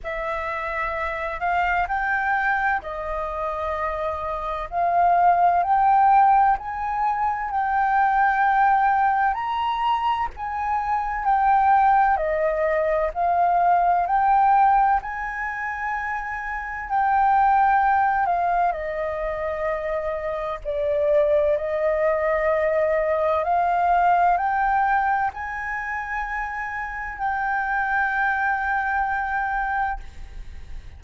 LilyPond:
\new Staff \with { instrumentName = "flute" } { \time 4/4 \tempo 4 = 64 e''4. f''8 g''4 dis''4~ | dis''4 f''4 g''4 gis''4 | g''2 ais''4 gis''4 | g''4 dis''4 f''4 g''4 |
gis''2 g''4. f''8 | dis''2 d''4 dis''4~ | dis''4 f''4 g''4 gis''4~ | gis''4 g''2. | }